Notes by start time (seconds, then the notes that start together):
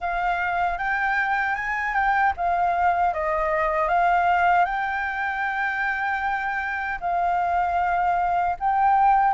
0.00 F5
0.78 G5
1.55 G#5
1.93 G5
2.36 F5
3.13 D#5
3.88 F5
4.65 G5
7.00 F5
8.59 G5